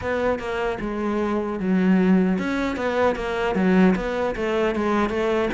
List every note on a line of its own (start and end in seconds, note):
0.01 0.39 B3
0.39 0.78 A#3
0.80 1.59 G#3
1.59 2.38 F#3
2.38 2.76 C#4
2.76 3.15 B3
3.15 3.55 A#3
3.55 3.94 F#3
3.95 4.35 B3
4.35 4.75 A3
4.75 5.09 G#3
5.09 5.49 A3